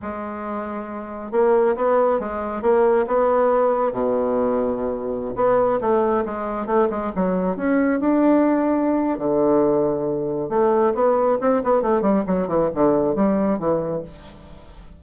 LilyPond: \new Staff \with { instrumentName = "bassoon" } { \time 4/4 \tempo 4 = 137 gis2. ais4 | b4 gis4 ais4 b4~ | b4 b,2.~ | b,16 b4 a4 gis4 a8 gis16~ |
gis16 fis4 cis'4 d'4.~ d'16~ | d'4 d2. | a4 b4 c'8 b8 a8 g8 | fis8 e8 d4 g4 e4 | }